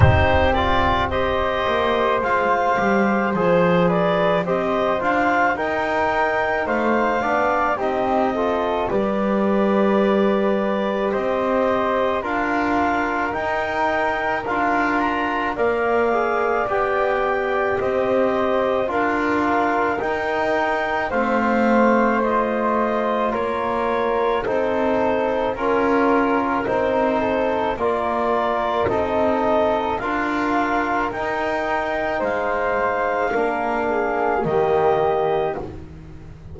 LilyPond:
<<
  \new Staff \with { instrumentName = "clarinet" } { \time 4/4 \tempo 4 = 54 c''8 d''8 dis''4 f''4 c''8 d''8 | dis''8 f''8 g''4 f''4 dis''4 | d''2 dis''4 f''4 | g''4 f''8 ais''8 f''4 g''4 |
dis''4 f''4 g''4 f''4 | dis''4 cis''4 c''4 ais'4 | c''4 d''4 dis''4 f''4 | g''4 f''2 dis''4 | }
  \new Staff \with { instrumentName = "flute" } { \time 4/4 g'4 c''2~ c''8 b'8 | c''4 ais'4 c''8 d''8 g'8 a'8 | b'2 c''4 ais'4~ | ais'2 d''2 |
c''4 ais'2 c''4~ | c''4 ais'4 a'4 ais'4~ | ais'8 a'8 ais'4 a'4 ais'4~ | ais'4 c''4 ais'8 gis'8 g'4 | }
  \new Staff \with { instrumentName = "trombone" } { \time 4/4 dis'8 f'8 g'4 f'8 g'8 gis'4 | g'8 f'8 dis'4. d'8 dis'8 f'8 | g'2. f'4 | dis'4 f'4 ais'8 gis'8 g'4~ |
g'4 f'4 dis'4 c'4 | f'2 dis'4 f'4 | dis'4 f'4 dis'4 f'4 | dis'2 d'4 ais4 | }
  \new Staff \with { instrumentName = "double bass" } { \time 4/4 c'4. ais8 gis8 g8 f4 | c'8 d'8 dis'4 a8 b8 c'4 | g2 c'4 d'4 | dis'4 d'4 ais4 b4 |
c'4 d'4 dis'4 a4~ | a4 ais4 c'4 cis'4 | c'4 ais4 c'4 d'4 | dis'4 gis4 ais4 dis4 | }
>>